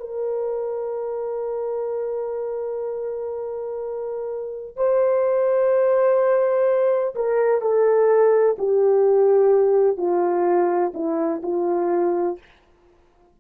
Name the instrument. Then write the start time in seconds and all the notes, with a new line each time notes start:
horn
0.00 A#4
4.77 C5
7.15 A#4
7.61 A4
8.58 G4
9.97 F4
10.94 E4
11.43 F4